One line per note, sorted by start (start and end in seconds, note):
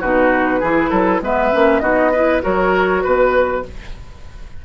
0.00 0.62 B2
0.00 0.62 D#4
0.00 0.60 F#4
0.00 1.23 B4
0.60 0.91 E3
0.60 1.22 E4
0.60 0.90 G#4
0.90 1.21 F#3
0.90 1.20 A4
1.21 1.52 G#3
1.21 1.52 B3
1.21 1.82 B4
1.21 1.79 E5
1.52 1.82 A#3
1.52 1.82 C#4
1.79 2.42 B3
1.79 2.12 D#4
1.79 2.12 F#4
1.79 2.40 D#5
2.12 2.42 E4
2.12 2.42 B4
2.42 3.04 F#3
2.42 3.63 F#4
2.42 3.03 A#4
2.42 3.02 C#5
3.02 3.65 B2
3.02 3.62 B4
3.02 3.64 B4